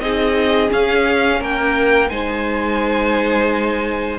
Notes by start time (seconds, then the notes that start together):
0.00 C4 D#4 G#4 D#5
0.69 C#4 F5
1.40 A#3 A#4 G5
2.10 G#3 D#4 C5 G#5